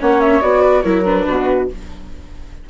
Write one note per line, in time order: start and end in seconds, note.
0.00 0.42 A#3
0.00 0.42 C#4
0.00 0.62 C#5
0.00 0.21 F#5
0.21 0.42 E5
0.42 0.84 B3
0.42 0.84 F#4
0.42 0.82 D5
0.62 0.83 B4
0.82 1.27 F#3
0.82 1.05 E4
0.82 1.26 A#4
0.82 1.03 C#5
1.05 1.69 D4
1.05 1.69 B4
1.28 1.70 B2
1.28 1.70 F#4